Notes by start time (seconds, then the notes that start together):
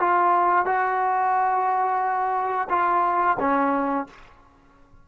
0.00 F4
0.66 F#4
2.70 F4
3.39 C#4